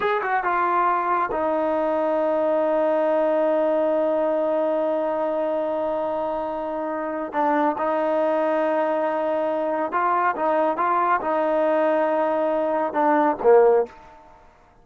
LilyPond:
\new Staff \with { instrumentName = "trombone" } { \time 4/4 \tempo 4 = 139 gis'8 fis'8 f'2 dis'4~ | dis'1~ | dis'1~ | dis'1~ |
dis'4 d'4 dis'2~ | dis'2. f'4 | dis'4 f'4 dis'2~ | dis'2 d'4 ais4 | }